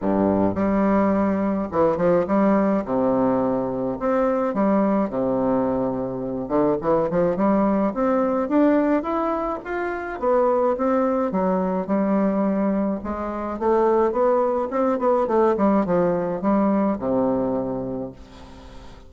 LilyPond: \new Staff \with { instrumentName = "bassoon" } { \time 4/4 \tempo 4 = 106 g,4 g2 e8 f8 | g4 c2 c'4 | g4 c2~ c8 d8 | e8 f8 g4 c'4 d'4 |
e'4 f'4 b4 c'4 | fis4 g2 gis4 | a4 b4 c'8 b8 a8 g8 | f4 g4 c2 | }